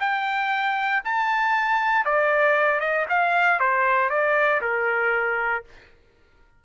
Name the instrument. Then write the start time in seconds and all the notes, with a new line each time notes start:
trumpet
0.00 G5
1.04 A5
2.05 D5
2.80 D#5
3.09 F5
3.59 C5
4.10 D5
4.61 A#4